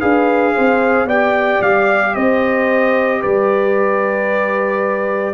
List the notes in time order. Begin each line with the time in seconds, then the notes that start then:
0.00 D4 G#4 B4 F5
0.54 C4 C5
1.05 B3 G4 D5 G5
1.62 G3 F5
2.15 C4 C5 D#5
3.21 G3 B4 D5